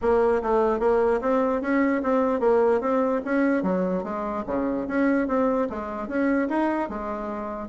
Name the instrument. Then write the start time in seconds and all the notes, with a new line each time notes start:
bassoon
0.01 A#3
0.42 A3
0.79 A#3
1.21 C4
1.61 C#4
2.02 C4
2.40 A#3
2.80 C4
3.25 C#4
3.63 F#3
4.03 G#3
4.46 C#3
4.87 C#4
5.27 C4
5.69 G#3
6.08 C#4
6.48 D#4
6.89 G#3